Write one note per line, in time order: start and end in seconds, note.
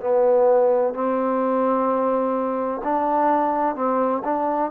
0.00 0.94 B3
0.94 2.81 C4
2.83 3.75 D4
3.75 4.22 C4
4.24 4.70 D4